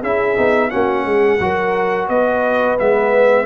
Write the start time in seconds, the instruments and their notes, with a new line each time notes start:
0.00 tuba C#4, trombone E4, horn G#4, trumpet E5
0.36 tuba B3, trombone D#4
0.70 tuba A#3, trombone C#4, horn F#4, trumpet F#5
1.05 tuba G#3, horn G#4
1.39 tuba F#3, trombone F#4, horn A#4
2.08 tuba B3, horn B4, trumpet D#5
2.78 tuba G#3, trombone B3, trumpet E5